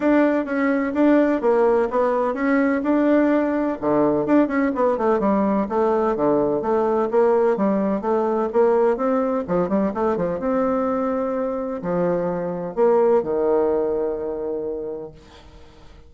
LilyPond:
\new Staff \with { instrumentName = "bassoon" } { \time 4/4 \tempo 4 = 127 d'4 cis'4 d'4 ais4 | b4 cis'4 d'2 | d4 d'8 cis'8 b8 a8 g4 | a4 d4 a4 ais4 |
g4 a4 ais4 c'4 | f8 g8 a8 f8 c'2~ | c'4 f2 ais4 | dis1 | }